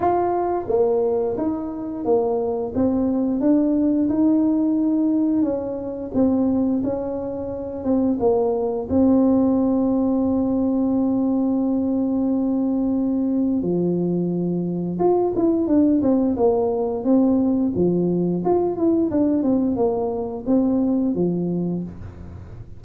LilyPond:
\new Staff \with { instrumentName = "tuba" } { \time 4/4 \tempo 4 = 88 f'4 ais4 dis'4 ais4 | c'4 d'4 dis'2 | cis'4 c'4 cis'4. c'8 | ais4 c'2.~ |
c'1 | f2 f'8 e'8 d'8 c'8 | ais4 c'4 f4 f'8 e'8 | d'8 c'8 ais4 c'4 f4 | }